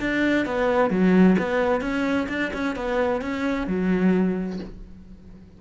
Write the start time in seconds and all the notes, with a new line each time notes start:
0.00 D4
0.46 B3
0.90 F#3
1.38 B3
1.81 C#4
2.28 D4
2.53 C#4
2.76 B3
3.21 C#4
3.67 F#3